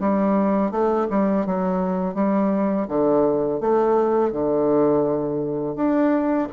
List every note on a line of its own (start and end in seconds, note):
0.00 0.71 G3
0.71 1.07 A3
1.10 1.46 G3
1.46 2.14 F#3
2.14 2.87 G3
2.88 3.60 D3
3.60 4.32 A3
4.32 5.76 D3
5.76 6.48 D4